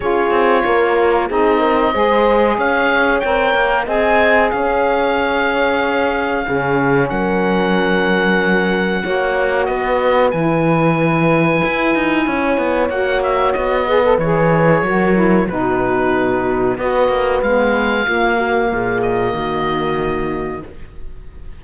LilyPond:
<<
  \new Staff \with { instrumentName = "oboe" } { \time 4/4 \tempo 4 = 93 cis''2 dis''2 | f''4 g''4 gis''4 f''4~ | f''2. fis''4~ | fis''2. dis''4 |
gis''1 | fis''8 e''8 dis''4 cis''2 | b'2 dis''4 f''4~ | f''4. dis''2~ dis''8 | }
  \new Staff \with { instrumentName = "horn" } { \time 4/4 gis'4 ais'4 gis'8 ais'8 c''4 | cis''2 dis''4 cis''4~ | cis''2 gis'4 ais'4~ | ais'2 cis''4 b'4~ |
b'2. cis''4~ | cis''4. b'4. ais'4 | fis'2 b'2 | f'8 fis'8 gis'4 fis'2 | }
  \new Staff \with { instrumentName = "saxophone" } { \time 4/4 f'2 dis'4 gis'4~ | gis'4 ais'4 gis'2~ | gis'2 cis'2~ | cis'2 fis'2 |
e'1 | fis'4. gis'16 a'16 gis'4 fis'8 e'8 | dis'2 fis'4 b4 | ais1 | }
  \new Staff \with { instrumentName = "cello" } { \time 4/4 cis'8 c'8 ais4 c'4 gis4 | cis'4 c'8 ais8 c'4 cis'4~ | cis'2 cis4 fis4~ | fis2 ais4 b4 |
e2 e'8 dis'8 cis'8 b8 | ais4 b4 e4 fis4 | b,2 b8 ais8 gis4 | ais4 ais,4 dis2 | }
>>